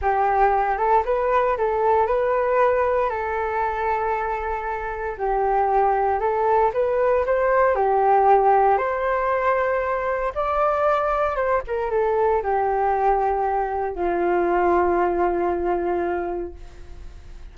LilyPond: \new Staff \with { instrumentName = "flute" } { \time 4/4 \tempo 4 = 116 g'4. a'8 b'4 a'4 | b'2 a'2~ | a'2 g'2 | a'4 b'4 c''4 g'4~ |
g'4 c''2. | d''2 c''8 ais'8 a'4 | g'2. f'4~ | f'1 | }